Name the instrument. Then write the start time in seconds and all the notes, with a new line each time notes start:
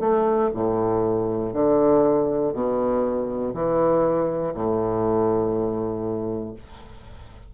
bassoon
0.00 A3
0.54 A2
1.53 D3
2.53 B2
3.54 E3
4.54 A2